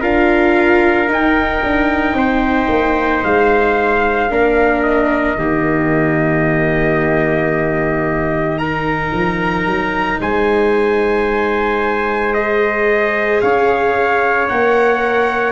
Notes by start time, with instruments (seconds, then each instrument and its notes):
0.00 tuba D4, viola F4, trumpet A#4 F5
1.07 viola D#4, tuba D#4, trumpet G5
1.63 tuba D4
2.13 tuba C4, trumpet C5
2.69 tuba A#3
3.23 tuba G#3, trumpet F5
4.29 tuba A#3, viola D4, trumpet A#4
4.83 trumpet D#5
5.35 tuba D#3, viola A#3, trumpet G4
8.58 viola D#4, trumpet A#4 A#5
9.13 tuba F3
9.66 tuba F#3
10.20 tuba G#3, trumpet C5 G#5
12.33 viola G#4, trumpet D#5
13.41 tuba C#4, trumpet C#5 F5
14.48 tuba A#3, viola A#4, trumpet F#5